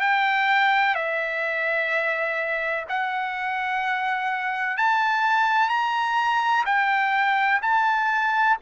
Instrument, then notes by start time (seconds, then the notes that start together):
trumpet
0.00 G5
0.94 E5
2.88 F#5
4.77 A5
5.69 A#5
6.65 G5
7.62 A5